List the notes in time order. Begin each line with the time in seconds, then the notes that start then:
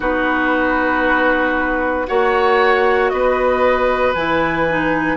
0.00 B3 D#4 F#4 B4
2.07 A#3 F#4 C#5 F#5
3.09 B3 B4 D#5
4.14 E3 E4 G#5
4.68 D#4